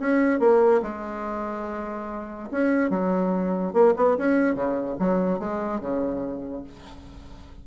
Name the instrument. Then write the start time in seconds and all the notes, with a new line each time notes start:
bassoon
0.00 C#4
0.40 A#3
0.83 G#3
2.52 C#4
2.91 F#3
3.73 A#3
3.97 B3
4.18 C#4
4.55 C#3
4.99 F#3
5.40 G#3
5.81 C#3